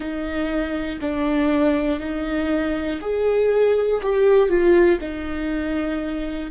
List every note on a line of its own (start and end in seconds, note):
0.00 0.99 D#4
1.00 2.00 D4
2.00 3.00 D#4
3.01 4.01 G#4
4.02 4.49 G4
4.49 4.99 F4
5.00 6.50 D#4